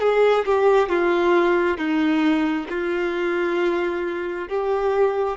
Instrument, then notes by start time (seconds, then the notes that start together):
violin
0.00 G#4
0.45 G4
0.89 F4
1.77 D#4
2.69 F4
4.48 G4